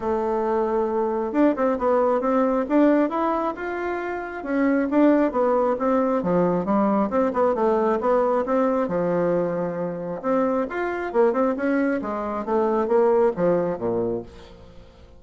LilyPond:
\new Staff \with { instrumentName = "bassoon" } { \time 4/4 \tempo 4 = 135 a2. d'8 c'8 | b4 c'4 d'4 e'4 | f'2 cis'4 d'4 | b4 c'4 f4 g4 |
c'8 b8 a4 b4 c'4 | f2. c'4 | f'4 ais8 c'8 cis'4 gis4 | a4 ais4 f4 ais,4 | }